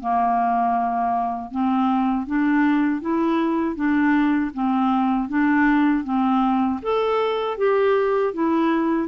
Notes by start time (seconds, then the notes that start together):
0.00 A#3
1.51 C4
2.26 D4
3.01 E4
3.76 D4
4.54 C4
5.29 D4
6.04 C4
6.83 A4
7.58 G4
8.33 E4